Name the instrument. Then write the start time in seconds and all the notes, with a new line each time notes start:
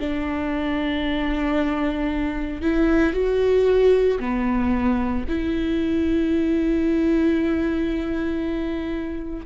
viola
0.00 D4
2.62 E4
3.13 F#4
4.20 B3
5.29 E4